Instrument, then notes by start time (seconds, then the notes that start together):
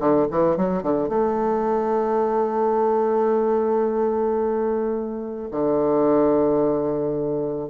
bassoon
0.00 D3
0.31 E3
0.57 F#3
0.83 D3
1.09 A3
5.52 D3